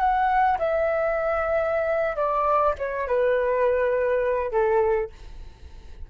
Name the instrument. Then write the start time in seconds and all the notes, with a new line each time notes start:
flute
0.00 F#5
0.59 E5
2.17 D5
2.79 C#5
3.08 B4
4.52 A4